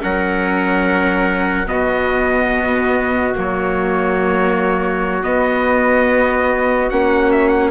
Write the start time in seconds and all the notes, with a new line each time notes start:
0.00 F#3 C#4 A#4 F#5
1.67 B2 B3 F#4 D#5
3.35 F#3 A#3 C#5
5.23 B3 D#5
6.90 A#3 C#4 F#5
7.32 E5
7.49 F#5